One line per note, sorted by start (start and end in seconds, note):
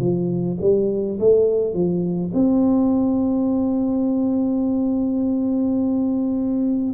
0.00 0.58 F3
0.61 1.19 G3
1.20 1.74 A3
1.74 2.32 F3
2.34 6.94 C4